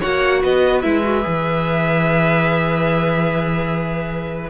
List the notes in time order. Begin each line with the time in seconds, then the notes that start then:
0.00 A#3 F#4 C#5 F#5
0.43 B3 B4 D#5
0.81 G#3 E4 E5
1.03 F#4
1.22 E3 G#4